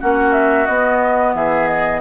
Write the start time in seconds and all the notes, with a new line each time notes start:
0.00 A#3 C#4 F#4 F#5
0.32 E5
0.66 B3 D#5
1.34 E3 G#4 E5
1.67 D#5